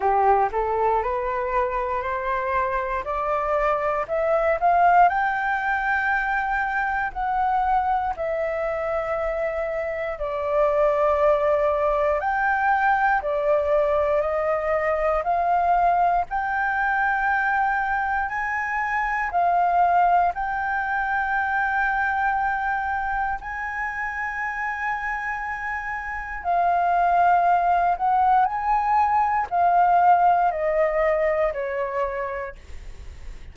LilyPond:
\new Staff \with { instrumentName = "flute" } { \time 4/4 \tempo 4 = 59 g'8 a'8 b'4 c''4 d''4 | e''8 f''8 g''2 fis''4 | e''2 d''2 | g''4 d''4 dis''4 f''4 |
g''2 gis''4 f''4 | g''2. gis''4~ | gis''2 f''4. fis''8 | gis''4 f''4 dis''4 cis''4 | }